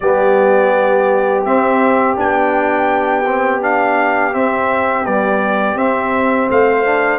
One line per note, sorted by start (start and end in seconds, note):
0.00 1.44 G3
0.00 1.46 B3
0.00 6.50 G4
0.00 1.44 D5
1.44 2.17 C4
1.44 2.16 C4
1.44 2.17 E5
2.16 4.33 B3
2.16 3.24 D4
2.16 3.62 G5
3.25 3.61 C4
3.61 4.33 D4
3.61 4.33 F5
4.33 5.05 C4
4.33 5.04 C4
4.33 5.05 E5
5.04 5.76 G3
5.04 5.75 B3
5.04 5.77 D5
5.75 6.48 C4
5.75 6.84 C4
5.75 6.49 E5
6.50 7.19 A3
6.50 7.19 C5
6.50 7.19 F5
6.84 7.19 D4